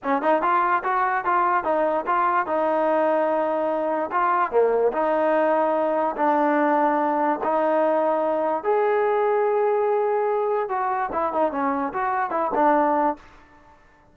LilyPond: \new Staff \with { instrumentName = "trombone" } { \time 4/4 \tempo 4 = 146 cis'8 dis'8 f'4 fis'4 f'4 | dis'4 f'4 dis'2~ | dis'2 f'4 ais4 | dis'2. d'4~ |
d'2 dis'2~ | dis'4 gis'2.~ | gis'2 fis'4 e'8 dis'8 | cis'4 fis'4 e'8 d'4. | }